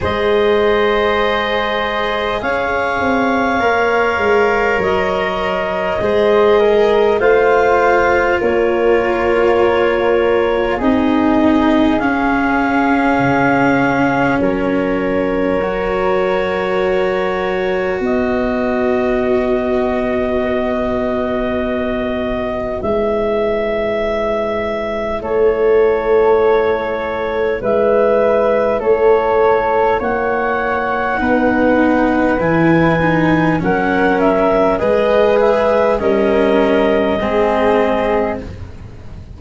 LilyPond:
<<
  \new Staff \with { instrumentName = "clarinet" } { \time 4/4 \tempo 4 = 50 dis''2 f''2 | dis''2 f''4 cis''4~ | cis''4 dis''4 f''2 | cis''2. dis''4~ |
dis''2. e''4~ | e''4 cis''2 e''4 | cis''4 fis''2 gis''4 | fis''8 e''8 dis''8 e''8 dis''2 | }
  \new Staff \with { instrumentName = "flute" } { \time 4/4 c''2 cis''2~ | cis''4 c''8 ais'8 c''4 ais'4~ | ais'4 gis'2. | ais'2. b'4~ |
b'1~ | b'4 a'2 b'4 | a'4 cis''4 b'2 | ais'4 b'4 ais'4 gis'4 | }
  \new Staff \with { instrumentName = "cello" } { \time 4/4 gis'2. ais'4~ | ais'4 gis'4 f'2~ | f'4 dis'4 cis'2~ | cis'4 fis'2.~ |
fis'2. e'4~ | e'1~ | e'2 dis'4 e'8 dis'8 | cis'4 gis'4 cis'4 c'4 | }
  \new Staff \with { instrumentName = "tuba" } { \time 4/4 gis2 cis'8 c'8 ais8 gis8 | fis4 gis4 a4 ais4~ | ais4 c'4 cis'4 cis4 | fis2. b4~ |
b2. gis4~ | gis4 a2 gis4 | a4 ais4 b4 e4 | fis4 gis4 g4 gis4 | }
>>